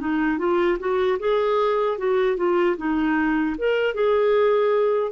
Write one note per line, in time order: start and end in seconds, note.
0.00 0.38 D#4
0.38 0.78 F4
0.79 1.18 F#4
1.19 1.98 G#4
1.98 2.37 F#4
2.37 2.76 F4
2.77 3.56 D#4
3.58 3.95 A#4
3.95 5.12 G#4